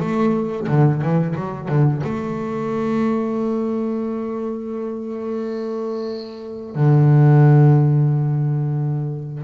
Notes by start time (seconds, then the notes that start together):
0.00 A3
0.68 D3
1.01 E3
1.36 F#3
1.68 D3
2.03 A3
6.75 D3